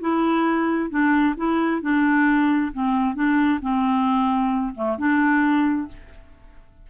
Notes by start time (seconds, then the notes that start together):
0.00 E4
0.90 D4
1.36 E4
1.81 D4
2.73 C4
3.14 D4
3.61 C4
4.75 A3
4.97 D4